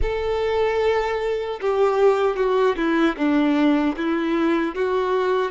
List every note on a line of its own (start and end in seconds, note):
0.02 1.60 A4
1.60 2.36 G4
2.36 2.76 F#4
2.76 3.15 E4
3.17 3.95 D4
3.96 4.75 E4
4.75 5.51 F#4